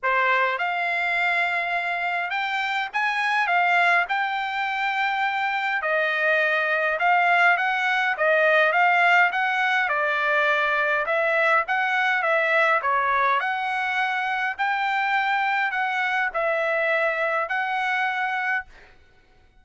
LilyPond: \new Staff \with { instrumentName = "trumpet" } { \time 4/4 \tempo 4 = 103 c''4 f''2. | g''4 gis''4 f''4 g''4~ | g''2 dis''2 | f''4 fis''4 dis''4 f''4 |
fis''4 d''2 e''4 | fis''4 e''4 cis''4 fis''4~ | fis''4 g''2 fis''4 | e''2 fis''2 | }